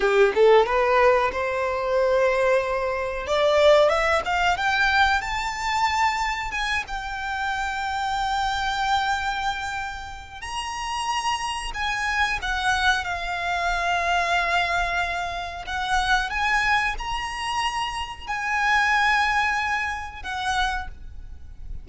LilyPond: \new Staff \with { instrumentName = "violin" } { \time 4/4 \tempo 4 = 92 g'8 a'8 b'4 c''2~ | c''4 d''4 e''8 f''8 g''4 | a''2 gis''8 g''4.~ | g''1 |
ais''2 gis''4 fis''4 | f''1 | fis''4 gis''4 ais''2 | gis''2. fis''4 | }